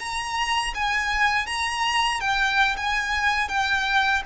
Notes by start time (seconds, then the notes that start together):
0.00 A#5
0.75 G#5
1.47 A#5
2.21 G5
2.77 G#5
3.49 G5